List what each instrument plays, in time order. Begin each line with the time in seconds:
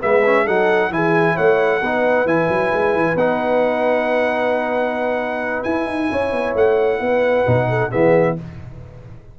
0.00 tuba G#3, trombone B3, horn B4, trumpet E5
0.25 trombone C#4
0.45 tuba F#3, trombone D#4, horn A4, trumpet F#5
0.90 tuba E3, trombone E4, horn G#4, trumpet G#5
1.34 tuba A3, horn C#5, trumpet F#5
1.81 tuba B3, trombone D#4, horn B4
2.25 tuba E3, trombone E4, trumpet G#5
2.49 tuba F#3
2.73 tuba G#3
2.95 tuba E3
3.15 tuba B3, trombone D#4, trumpet F#5
5.63 tuba E4, trombone E4, trumpet G#5
5.86 tuba D#4
6.11 tuba C#4, horn C#5
6.31 tuba B3
6.55 tuba A3, trumpet F#5
7.00 tuba B3, horn B4
7.46 tuba B2, trombone D#4
7.69 horn A4
7.91 tuba E3, trombone B3, horn G#4, trumpet E5